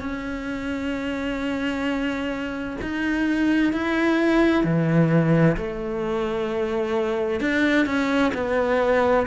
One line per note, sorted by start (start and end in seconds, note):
0.00 2.77 C#4
2.82 3.73 D#4
3.73 4.64 E4
4.64 5.56 E3
5.57 7.40 A3
7.40 7.86 D4
7.86 8.32 C#4
8.34 9.26 B3